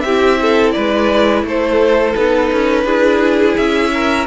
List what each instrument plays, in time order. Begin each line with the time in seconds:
0.00 cello C4, violin G4 E5
0.06 viola E4
0.41 violin A4
0.71 cello G#3, violin B4 D5
1.43 cello A3, violin A4 C5
2.15 cello B3, viola D#4, violin B4
2.52 cello C#4
2.84 cello D4, viola E4, violin G#4
3.56 cello C#4, violin E5
3.93 violin A#4